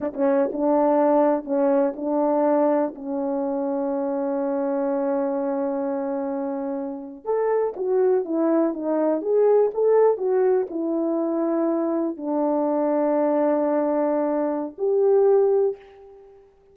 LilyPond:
\new Staff \with { instrumentName = "horn" } { \time 4/4 \tempo 4 = 122 d'16 cis'8. d'2 cis'4 | d'2 cis'2~ | cis'1~ | cis'2~ cis'8. a'4 fis'16~ |
fis'8. e'4 dis'4 gis'4 a'16~ | a'8. fis'4 e'2~ e'16~ | e'8. d'2.~ d'16~ | d'2 g'2 | }